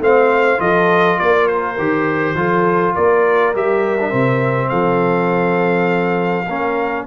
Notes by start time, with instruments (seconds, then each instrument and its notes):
0.00 tuba A3, trombone C4, horn C5, trumpet F5
0.58 tuba F3, trombone F4, horn A4, trumpet D#5
1.18 tuba A#3, horn A#4, trumpet D5
1.48 trumpet C5
1.79 tuba D#3, trombone G4
2.35 tuba F3, trombone F4, horn A4
2.95 tuba A#3, horn A#4, trumpet D5
3.55 tuba G3, trombone G4, trumpet E5
4.01 trombone D4
4.10 tuba C3, trombone C4
4.69 tuba F3, horn A4, trumpet F5
6.46 tuba A#3, trombone C#4, horn A#4